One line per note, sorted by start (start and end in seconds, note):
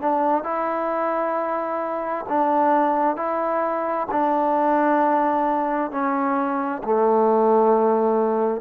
0.00 0.43 D4
0.43 2.25 E4
2.28 3.16 D4
3.16 4.07 E4
4.11 5.91 D4
5.91 6.82 C#4
6.83 8.61 A3